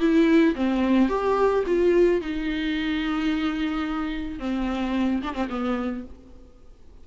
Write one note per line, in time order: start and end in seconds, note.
0.00 0.55 E4
0.56 1.09 C4
1.09 1.64 G4
1.67 2.21 F4
2.21 4.39 D#4
4.39 5.22 C4
5.22 5.34 D4
5.34 5.48 C4
5.49 6.04 B3